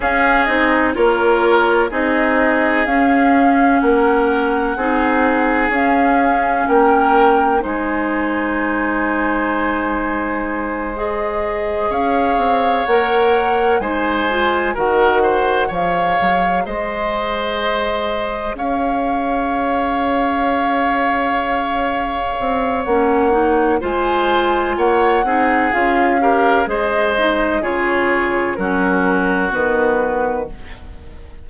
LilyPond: <<
  \new Staff \with { instrumentName = "flute" } { \time 4/4 \tempo 4 = 63 f''8 dis''8 cis''4 dis''4 f''4 | fis''2 f''4 g''4 | gis''2.~ gis''8 dis''8~ | dis''8 f''4 fis''4 gis''4 fis''8~ |
fis''8 f''4 dis''2 f''8~ | f''1 | fis''4 gis''4 fis''4 f''4 | dis''4 cis''4 ais'4 b'4 | }
  \new Staff \with { instrumentName = "oboe" } { \time 4/4 gis'4 ais'4 gis'2 | ais'4 gis'2 ais'4 | c''1~ | c''8 cis''2 c''4 ais'8 |
c''8 cis''4 c''2 cis''8~ | cis''1~ | cis''4 c''4 cis''8 gis'4 ais'8 | c''4 gis'4 fis'2 | }
  \new Staff \with { instrumentName = "clarinet" } { \time 4/4 cis'8 dis'8 f'4 dis'4 cis'4~ | cis'4 dis'4 cis'2 | dis'2.~ dis'8 gis'8~ | gis'4. ais'4 dis'8 f'8 fis'8~ |
fis'8 gis'2.~ gis'8~ | gis'1 | cis'8 dis'8 f'4. dis'8 f'8 g'8 | gis'8 dis'8 f'4 cis'4 b4 | }
  \new Staff \with { instrumentName = "bassoon" } { \time 4/4 cis'8 c'8 ais4 c'4 cis'4 | ais4 c'4 cis'4 ais4 | gis1~ | gis8 cis'8 c'8 ais4 gis4 dis8~ |
dis8 f8 fis8 gis2 cis'8~ | cis'2.~ cis'8 c'8 | ais4 gis4 ais8 c'8 cis'4 | gis4 cis4 fis4 dis4 | }
>>